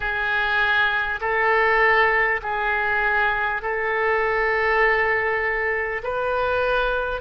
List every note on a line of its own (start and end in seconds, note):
0.00 1.19 G#4
1.21 2.41 A4
2.42 3.62 G#4
3.62 6.02 A4
6.03 7.21 B4